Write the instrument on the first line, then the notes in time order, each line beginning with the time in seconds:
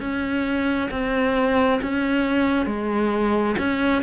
cello
0.00 C#4
0.91 C4
1.82 C#4
2.66 G#3
3.58 C#4